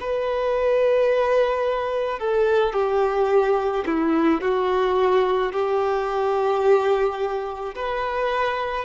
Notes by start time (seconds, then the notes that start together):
0.00 B4
2.19 A4
2.73 G4
3.86 E4
4.41 F#4
5.53 G4
7.75 B4